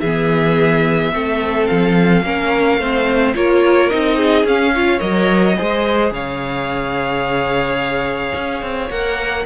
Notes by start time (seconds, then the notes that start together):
0.00 E3 B3 G#4 E5
1.12 A3 C4 A4
1.67 F3 F5
2.23 A#3 C#4 A#4
2.78 A3 C4 C5
3.34 A#3 F4 A#4 C#5
3.90 C4 D#4 D#5
4.16 G#4
4.44 C#4 F5
4.75 F4 C#5
4.99 F#3 A#4 D#5
5.56 G#3 G#4 C5
6.11 C#3 C#5 F5
8.35 C#4
8.62 C4
8.90 A#3 A#4 F#5